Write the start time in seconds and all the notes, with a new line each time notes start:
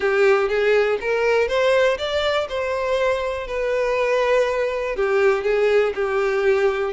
0.00 G4
0.48 G#4
1.00 A#4
1.47 C5
1.97 D5
2.48 C5
3.47 B4
4.96 G4
5.43 G#4
5.94 G4